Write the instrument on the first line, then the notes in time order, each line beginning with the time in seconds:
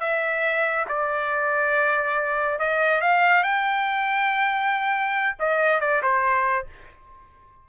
trumpet
0.00 E5
0.88 D5
2.59 D#5
3.01 F5
3.43 G5
5.39 D#5
5.80 D5
6.02 C5